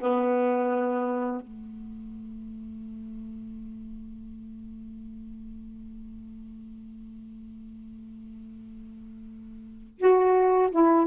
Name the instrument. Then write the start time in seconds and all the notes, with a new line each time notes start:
saxophone
0.00 B3
1.41 A3
9.99 F#4
10.71 E4